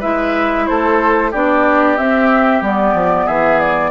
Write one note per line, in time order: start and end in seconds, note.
0.00 0.69 G#3
0.00 1.32 E4
0.00 0.65 B4
0.00 0.66 E5
0.66 1.34 A3
0.66 1.31 A4
0.66 1.32 C5
1.31 1.99 B3
1.31 1.98 D4
1.31 3.26 G4
1.31 1.98 D5
1.98 2.64 C4
1.98 2.62 C4
1.98 2.63 E5
2.62 2.94 G3
2.62 3.92 B3
2.62 3.28 D5
2.94 3.27 F3
3.26 3.92 E3
3.26 3.91 G#4
3.26 3.60 E5
3.60 3.92 D5